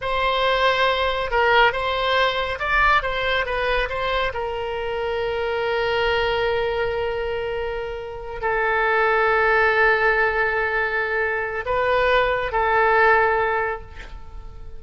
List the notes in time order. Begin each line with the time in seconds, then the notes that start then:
0.01 C5
1.30 A#4
1.72 C5
2.59 D5
3.02 C5
3.45 B4
3.89 C5
4.33 A#4
8.41 A4
11.65 B4
12.51 A4